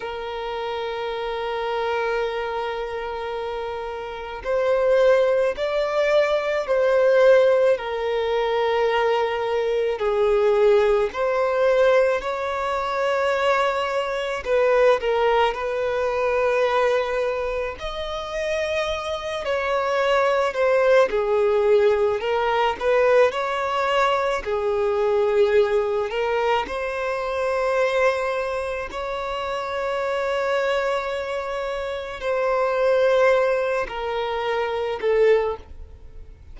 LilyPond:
\new Staff \with { instrumentName = "violin" } { \time 4/4 \tempo 4 = 54 ais'1 | c''4 d''4 c''4 ais'4~ | ais'4 gis'4 c''4 cis''4~ | cis''4 b'8 ais'8 b'2 |
dis''4. cis''4 c''8 gis'4 | ais'8 b'8 cis''4 gis'4. ais'8 | c''2 cis''2~ | cis''4 c''4. ais'4 a'8 | }